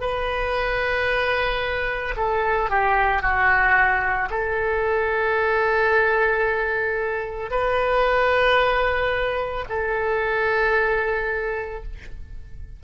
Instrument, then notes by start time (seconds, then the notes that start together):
oboe
0.00 B4
2.16 A4
2.69 G4
3.21 F#4
4.30 A4
7.50 B4
9.69 A4